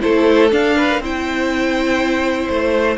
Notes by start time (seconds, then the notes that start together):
0.00 A3 E4 A4 C5
0.51 D4 F5
0.76 B4
0.90 A#4
0.99 C4 E4 C5 G5
2.47 A3 C5